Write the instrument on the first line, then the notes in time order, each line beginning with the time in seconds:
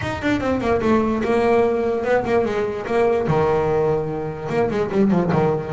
double bass
0.01 D#4
0.22 D4
0.40 C4
0.60 A#3
0.81 A3
1.23 A#3
2.04 B3
2.24 A#3
2.45 G#3
2.86 A#3
3.27 D#3
4.49 A#3
4.70 G#3
4.91 G3
5.11 F3
5.32 D#3